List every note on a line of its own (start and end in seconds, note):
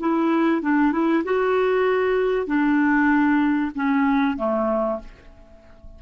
0.00 0.62 E4
0.62 0.92 D4
0.92 1.24 E4
1.24 2.46 F#4
2.46 3.71 D4
3.75 4.37 C#4
4.37 4.99 A3